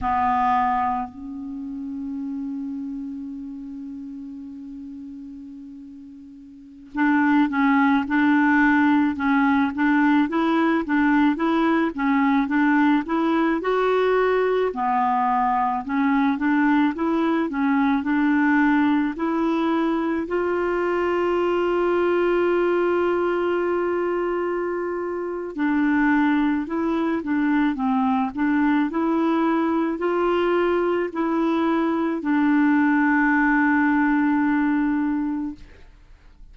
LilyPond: \new Staff \with { instrumentName = "clarinet" } { \time 4/4 \tempo 4 = 54 b4 cis'2.~ | cis'2~ cis'16 d'8 cis'8 d'8.~ | d'16 cis'8 d'8 e'8 d'8 e'8 cis'8 d'8 e'16~ | e'16 fis'4 b4 cis'8 d'8 e'8 cis'16~ |
cis'16 d'4 e'4 f'4.~ f'16~ | f'2. d'4 | e'8 d'8 c'8 d'8 e'4 f'4 | e'4 d'2. | }